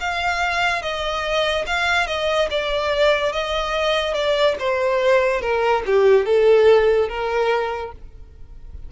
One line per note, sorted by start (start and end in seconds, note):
0.00 0.82 F5
0.82 1.66 D#5
1.67 2.07 F5
2.07 2.48 D#5
2.51 3.33 D5
3.33 4.14 D#5
4.14 4.56 D5
4.59 5.41 C5
5.41 5.83 A#4
5.86 6.26 G4
6.26 7.09 A4
7.09 7.92 A#4